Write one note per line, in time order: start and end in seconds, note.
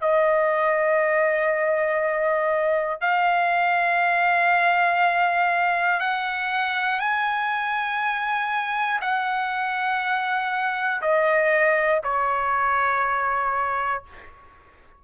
0.00 3.00 D#5
3.00 6.00 F5
6.00 6.99 F#5
6.99 8.99 G#5
9.00 11.00 F#5
11.01 12.01 D#5
12.03 14.03 C#5